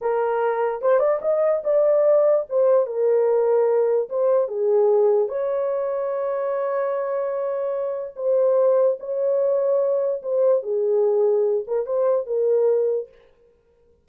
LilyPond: \new Staff \with { instrumentName = "horn" } { \time 4/4 \tempo 4 = 147 ais'2 c''8 d''8 dis''4 | d''2 c''4 ais'4~ | ais'2 c''4 gis'4~ | gis'4 cis''2.~ |
cis''1 | c''2 cis''2~ | cis''4 c''4 gis'2~ | gis'8 ais'8 c''4 ais'2 | }